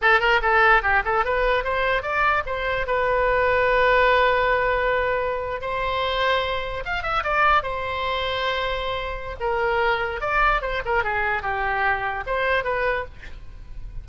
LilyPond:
\new Staff \with { instrumentName = "oboe" } { \time 4/4 \tempo 4 = 147 a'8 ais'8 a'4 g'8 a'8 b'4 | c''4 d''4 c''4 b'4~ | b'1~ | b'4.~ b'16 c''2~ c''16~ |
c''8. f''8 e''8 d''4 c''4~ c''16~ | c''2. ais'4~ | ais'4 d''4 c''8 ais'8 gis'4 | g'2 c''4 b'4 | }